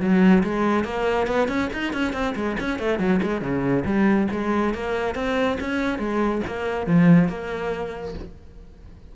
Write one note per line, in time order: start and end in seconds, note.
0.00 0.43 F#3
0.43 0.84 G#3
0.84 1.27 A#3
1.27 1.48 B3
1.48 1.70 C#4
1.73 1.93 D#4
1.93 2.13 C#4
2.13 2.34 C4
2.35 2.57 G#3
2.60 2.79 C#4
2.79 2.99 A3
2.99 3.20 F#3
3.23 3.41 G#3
3.41 3.84 C#3
3.85 4.28 G3
4.31 4.74 G#3
4.74 5.15 A#3
5.15 5.58 C4
5.60 5.99 C#4
5.99 6.41 G#3
6.47 6.87 A#3
6.87 7.29 F3
7.29 8.14 A#3